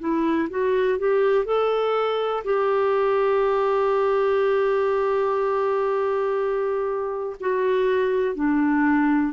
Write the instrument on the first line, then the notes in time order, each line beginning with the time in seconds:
clarinet
0.00 E4
0.51 F#4
0.99 G4
1.45 A4
2.45 G4
7.41 F#4
8.36 D4